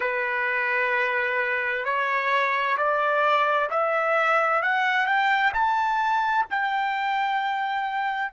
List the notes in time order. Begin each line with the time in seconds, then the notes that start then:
0.00 B4
1.84 C#5
2.77 D5
3.70 E5
4.62 F#5
5.06 G5
5.53 A5
6.50 G5